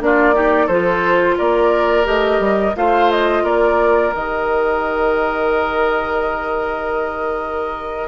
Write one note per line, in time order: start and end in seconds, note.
0.00 0.69 A#3
0.00 0.34 D4
0.00 0.34 F4
0.00 0.68 D5
0.34 0.68 D#4
0.34 0.66 G4
0.66 1.37 F3
0.66 2.04 F4
0.66 1.35 A4
0.66 1.37 C5
1.38 2.07 A#3
1.38 2.76 A#4
1.38 2.07 D5
2.04 2.40 A3
2.04 2.73 G4
2.04 2.76 D#5
2.40 2.74 G3
2.76 3.43 A3
2.76 4.13 F4
2.76 3.44 C5
2.76 3.11 F5
3.11 3.45 D#5
3.43 4.12 A#3
3.43 8.08 A#4
3.43 4.14 D5
4.13 8.08 D#3
4.13 8.08 G4
4.13 8.08 D#5